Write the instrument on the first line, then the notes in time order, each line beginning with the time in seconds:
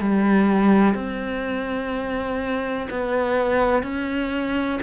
cello
0.00 G3
0.95 C4
2.90 B3
3.83 C#4